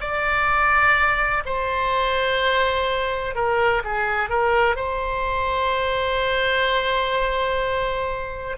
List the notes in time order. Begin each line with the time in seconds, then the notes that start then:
0.00 D5
1.45 C5
3.35 A#4
3.84 G#4
4.29 A#4
4.76 C5